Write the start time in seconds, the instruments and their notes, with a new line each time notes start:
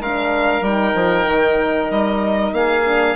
0.00 bassoon G#3, horn D4, oboe A#4, violin F5
0.61 bassoon G3, horn D#4, violin G5
0.94 bassoon F3
1.26 bassoon D#3
1.91 bassoon G3, violin D#5
2.52 bassoon A#3, oboe G#4, violin F5
2.84 horn D4